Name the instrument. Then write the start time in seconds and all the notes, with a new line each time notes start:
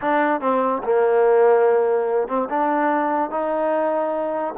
trombone
0.01 D4
0.40 C4
0.83 A#3
2.27 C4
2.49 D4
3.30 D#4